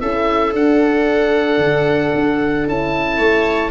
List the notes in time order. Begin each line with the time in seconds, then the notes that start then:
0.00 C#4 E4 A4 E5
0.53 D4 F#5
1.58 D3
2.15 D4
2.67 C#4 E4 A5
3.17 A3 C#5